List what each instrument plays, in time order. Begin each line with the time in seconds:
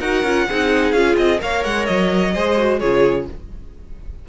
0.00 cello D#4, viola F#4, violin A#4 F#5
0.23 cello C#4, viola F4
0.48 cello C4, viola D#4, violin G#4
0.92 cello C#4, viola F4, violin F5
1.17 cello C4, violin D#5
1.39 cello A#3, viola A#4, violin C#5 F5
1.64 cello G#3, violin F#5
1.86 cello F#3, violin D#5
2.34 cello G#3, viola G#4, violin C5
2.58 viola F#4
2.80 cello C#3, viola F4, violin G#4 C#5